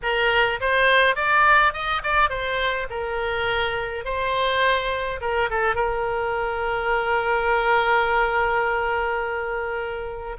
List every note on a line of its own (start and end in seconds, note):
0.02 0.60 A#4
0.60 1.15 C5
1.15 1.73 D5
1.73 2.02 D#5
2.03 2.29 D5
2.29 2.87 C5
2.90 4.04 A#4
4.04 5.20 C5
5.21 5.49 A#4
5.50 5.75 A4
5.75 10.36 A#4